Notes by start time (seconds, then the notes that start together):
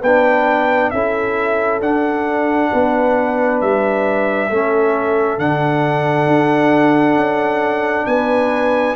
0.00 B3 D4 B4 G5
0.90 C#4 E4 A4 E5
1.80 D4 F#5
2.71 B3 B4
3.61 G3 E5
4.49 A3 C#4 A4
5.38 D3 D4 F#5
6.27 D4
7.15 C#4
8.06 B3 B4 G#5